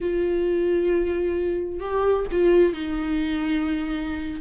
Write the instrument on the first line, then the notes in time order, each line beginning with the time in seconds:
viola
0.00 F4
1.80 G4
2.31 F4
2.73 D#4